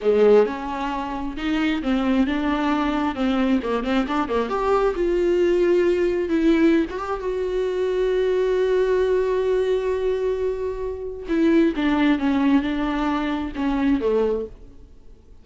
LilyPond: \new Staff \with { instrumentName = "viola" } { \time 4/4 \tempo 4 = 133 gis4 cis'2 dis'4 | c'4 d'2 c'4 | ais8 c'8 d'8 ais8 g'4 f'4~ | f'2 e'4~ e'16 fis'16 g'8 |
fis'1~ | fis'1~ | fis'4 e'4 d'4 cis'4 | d'2 cis'4 a4 | }